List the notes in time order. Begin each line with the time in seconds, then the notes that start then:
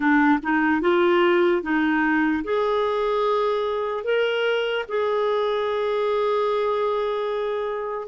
0.00 D4
0.42 D#4
0.81 F4
1.62 D#4
2.43 G#4
4.04 A#4
4.88 G#4